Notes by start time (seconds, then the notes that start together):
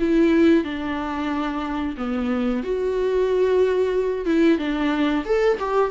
0.00 E4
0.64 D4
1.98 B3
2.64 F#4
4.26 E4
4.59 D4
5.26 A4
5.60 G4